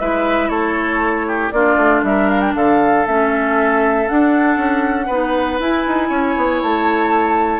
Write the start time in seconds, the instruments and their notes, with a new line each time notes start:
0.00 bassoon G#3, clarinet E4, oboe B4, flute E5
0.49 bassoon A3, oboe A4, flute C#5
1.27 oboe G4
1.51 bassoon A#3, clarinet D4, oboe F4, flute D5
1.76 bassoon A3
2.03 bassoon G3, oboe A#4, flute E5
2.29 flute F5
2.40 flute G5
2.55 bassoon D3, oboe A4, flute F5
3.06 bassoon A3, clarinet C#4, flute E5
4.07 clarinet D4, bassoon D4, flute F#5
4.56 bassoon C#4
5.06 bassoon B3, clarinet D#4, oboe B4
5.60 bassoon E4, clarinet E4, flute G#5
5.87 bassoon D#4
6.09 bassoon C#4, oboe C#5
6.37 bassoon B3
6.62 bassoon A3, flute A5